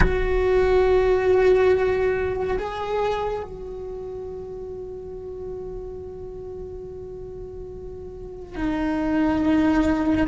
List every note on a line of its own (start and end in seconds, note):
0.00 2.57 F#4
2.58 3.43 G#4
3.43 8.55 F#4
8.55 10.27 D#4